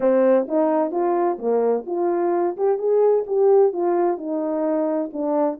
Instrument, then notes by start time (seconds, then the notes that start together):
horn
0.00 C4
0.48 D#4
0.91 F4
1.38 A#3
1.86 F4
2.56 G4
2.78 G#4
3.26 G4
3.72 F4
4.17 D#4
5.12 D4